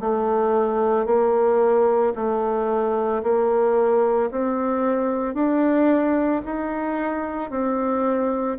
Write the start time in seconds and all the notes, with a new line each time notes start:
0.00 A3
1.06 A#3
2.15 A3
3.22 A#3
4.31 C4
5.34 D4
6.45 D#4
7.50 C4